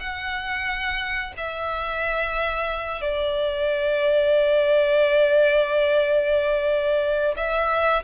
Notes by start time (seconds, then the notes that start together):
0.00 F#5
1.38 E5
3.02 D5
7.37 E5